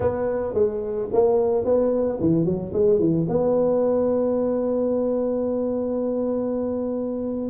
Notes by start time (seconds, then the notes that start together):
0.00 B3
0.54 G#3
1.12 A#3
1.64 B3
2.20 E3
2.45 F#3
2.73 G#3
2.99 E3
3.28 B3